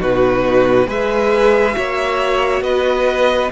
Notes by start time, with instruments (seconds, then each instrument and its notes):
0.00 cello B2, viola D#4, violin F#4 B4
0.86 cello G#3, viola G#4, violin B4 E5
1.73 cello A#3, viola F#4, violin C#5
2.62 cello B3, violin B4 D#5